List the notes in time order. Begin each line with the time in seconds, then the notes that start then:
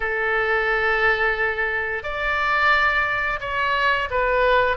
0.00 A4
2.03 D5
3.40 C#5
4.10 B4